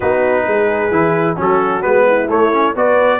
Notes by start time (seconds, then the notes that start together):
0.00 B3 D#4 F#4 B4
0.46 G#3 G#4
0.90 E3 E4
1.36 F#3 C#4 F#4 A4
1.81 G#3 B3 B4
2.07 E4
2.29 A3 C#5
2.51 C#4
2.75 B3 F#4 B4 D5